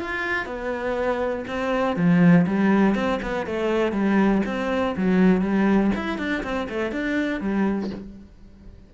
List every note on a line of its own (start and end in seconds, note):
0.00 0.46 F4
0.46 1.45 B3
1.47 1.96 C4
1.96 2.45 F3
2.46 2.95 G3
2.95 3.19 C4
3.22 3.46 B3
3.46 3.92 A3
3.92 4.41 G3
4.46 4.95 C4
4.96 5.41 F#3
5.41 5.91 G3
5.95 6.18 E4
6.18 6.43 D4
6.43 6.68 C4
6.69 6.91 A3
6.91 7.40 D4
7.40 7.90 G3